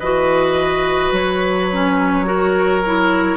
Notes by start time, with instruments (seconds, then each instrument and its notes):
0.00 bassoon E3, clarinet F#4, oboe B4, flute D#5
1.12 bassoon F#3, flute C#5
1.72 clarinet C#4
2.25 clarinet F#4, oboe A#4
2.86 clarinet E4